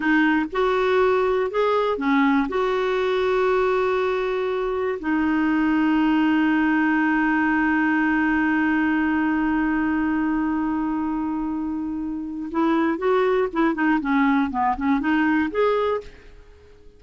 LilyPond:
\new Staff \with { instrumentName = "clarinet" } { \time 4/4 \tempo 4 = 120 dis'4 fis'2 gis'4 | cis'4 fis'2.~ | fis'2 dis'2~ | dis'1~ |
dis'1~ | dis'1~ | dis'4 e'4 fis'4 e'8 dis'8 | cis'4 b8 cis'8 dis'4 gis'4 | }